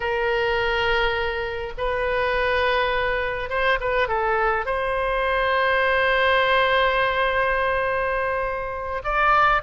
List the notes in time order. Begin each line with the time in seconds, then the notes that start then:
0.00 A#4
1.77 B4
3.49 C5
3.80 B4
4.08 A4
4.65 C5
9.03 D5